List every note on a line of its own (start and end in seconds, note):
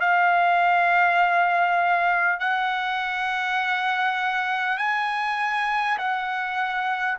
0.00 2.39 F5
2.39 4.78 F#5
4.78 5.98 G#5
5.98 7.18 F#5